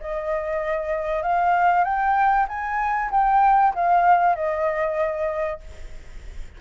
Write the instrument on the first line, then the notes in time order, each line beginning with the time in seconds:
flute
0.00 D#5
1.22 F5
1.84 G5
2.48 G#5
3.11 G5
3.74 F5
4.35 D#5